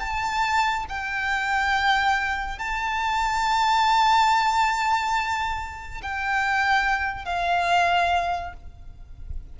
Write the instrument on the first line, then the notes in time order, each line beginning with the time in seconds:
violin
0.00 A5
0.89 G5
2.59 A5
6.02 G5
7.25 F5